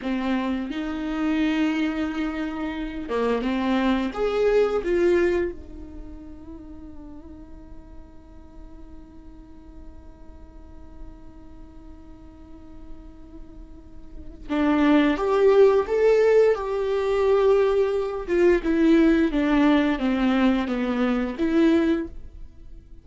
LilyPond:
\new Staff \with { instrumentName = "viola" } { \time 4/4 \tempo 4 = 87 c'4 dis'2.~ | dis'8 ais8 c'4 gis'4 f'4 | dis'1~ | dis'1~ |
dis'1~ | dis'4 d'4 g'4 a'4 | g'2~ g'8 f'8 e'4 | d'4 c'4 b4 e'4 | }